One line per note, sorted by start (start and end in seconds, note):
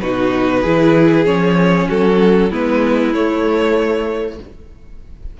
0.00 0.64 B2
0.00 0.65 D#4
0.00 0.61 F#4
0.00 1.25 B4
0.61 1.26 E3
0.61 1.26 E4
0.61 1.86 G#4
1.26 1.89 F3
1.26 2.51 C#4
1.26 1.88 C#5
1.88 2.52 F#3
1.88 2.50 F#4
1.88 2.52 A4
2.50 3.14 G#3
2.50 3.14 B3
2.50 4.38 E4
2.50 3.13 B4
3.13 4.39 A3
3.13 4.40 A3
3.13 4.38 C#5